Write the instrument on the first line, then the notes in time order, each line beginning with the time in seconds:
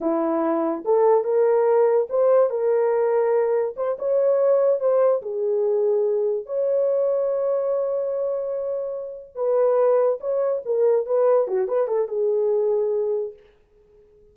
horn
0.00 E4
0.84 A4
1.24 A#4
2.09 C5
2.49 A#4
3.76 C5
3.98 C#5
4.80 C5
5.22 G#4
6.46 C#5
9.35 B4
10.20 C#5
10.65 A#4
11.06 B4
11.47 F#4
11.68 B4
11.87 A4
12.08 G#4